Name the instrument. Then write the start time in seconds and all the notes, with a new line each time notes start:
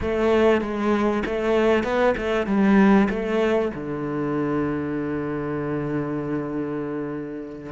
cello
0.01 A3
0.61 G#3
1.25 A3
1.83 B3
2.17 A3
2.46 G3
3.09 A3
3.74 D3